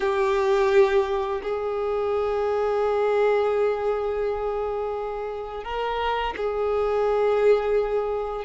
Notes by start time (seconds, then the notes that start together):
0.00 G4
1.42 G#4
5.63 A#4
6.36 G#4